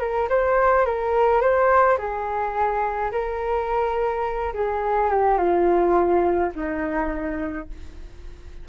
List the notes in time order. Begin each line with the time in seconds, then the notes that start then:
0.00 A#4
0.29 C5
0.85 A#4
1.41 C5
1.98 G#4
3.12 A#4
4.54 G#4
5.10 G4
5.38 F4
6.55 D#4